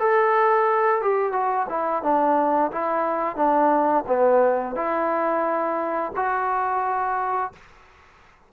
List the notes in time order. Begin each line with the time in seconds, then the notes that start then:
0.00 A4
1.02 G4
1.33 F#4
1.69 E4
2.03 D4
2.72 E4
3.36 D4
4.08 B3
4.76 E4
6.16 F#4